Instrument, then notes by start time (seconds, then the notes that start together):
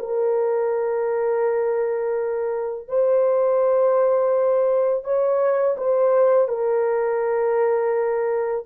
horn
0.00 A#4
2.88 C5
5.05 C#5
5.78 C5
6.49 A#4